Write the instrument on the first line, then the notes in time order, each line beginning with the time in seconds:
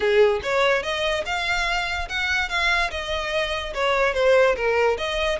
violin
0.00 G#4
0.43 C#5
0.82 D#5
1.25 F5
2.09 F#5
2.49 F5
2.90 D#5
3.74 C#5
4.14 C5
4.56 A#4
4.97 D#5